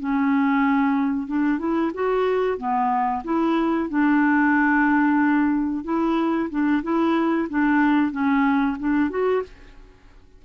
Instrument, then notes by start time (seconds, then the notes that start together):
clarinet
0.00 C#4
1.27 D4
1.59 E4
1.94 F#4
2.58 B3
3.25 E4
3.90 D4
5.84 E4
6.50 D4
6.83 E4
7.50 D4
8.12 C#4
8.80 D4
9.10 F#4